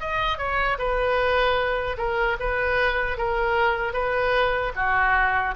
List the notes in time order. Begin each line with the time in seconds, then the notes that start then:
0.00 D#5
0.38 C#5
0.78 B4
1.97 A#4
2.39 B4
3.18 A#4
3.93 B4
4.76 F#4